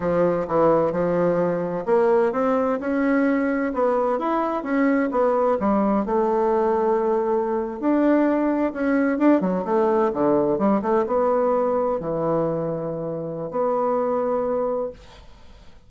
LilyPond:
\new Staff \with { instrumentName = "bassoon" } { \time 4/4 \tempo 4 = 129 f4 e4 f2 | ais4 c'4 cis'2 | b4 e'4 cis'4 b4 | g4 a2.~ |
a8. d'2 cis'4 d'16~ | d'16 fis8 a4 d4 g8 a8 b16~ | b4.~ b16 e2~ e16~ | e4 b2. | }